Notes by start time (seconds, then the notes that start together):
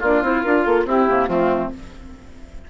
0.00 A#3 D4 F4 D5
0.22 C4 E4 C5
0.43 D4 F4 A#4
0.65 A#3 A4
0.85 C4 E4 G4
1.09 C3 A#3
1.28 F3 A3 C4 F4